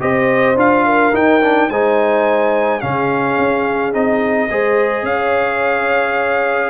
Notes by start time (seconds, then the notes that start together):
0.00 C4 G4 C5 D#5
0.55 D4 F4 F5
0.85 A#4
1.13 D#4 G5
1.41 D4
1.69 G#3 D#4 C5 G#5
2.80 C#3 C#4 G#4 F5
3.38 C#4
3.93 C4 D#4 D#5
4.50 G#3 G#4 C5
5.03 C#4 C#5 F5